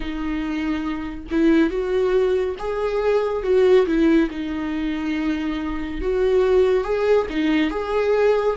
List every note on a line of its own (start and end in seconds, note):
0.00 1.25 D#4
1.31 1.69 E4
1.69 2.55 F#4
2.59 3.43 G#4
3.43 3.86 F#4
3.86 4.29 E4
4.30 6.01 D#4
6.01 6.84 F#4
6.84 7.27 G#4
7.29 7.70 D#4
7.70 8.56 G#4